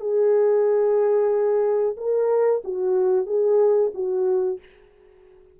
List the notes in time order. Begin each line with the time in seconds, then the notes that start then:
0.00 G#4
1.97 A#4
2.64 F#4
3.26 G#4
3.94 F#4